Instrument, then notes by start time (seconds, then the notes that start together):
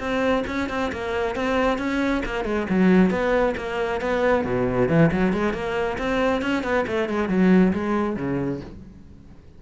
cello
0.00 C4
0.47 C#4
0.69 C4
0.92 A#3
1.35 C4
1.78 C#4
2.25 A#3
2.44 G#3
2.70 F#3
3.11 B3
3.57 A#3
4.01 B3
4.45 B2
4.89 E3
5.12 F#3
5.33 G#3
5.53 A#3
5.98 C4
6.42 C#4
6.64 B3
6.87 A3
7.09 G#3
7.29 F#3
7.73 G#3
8.16 C#3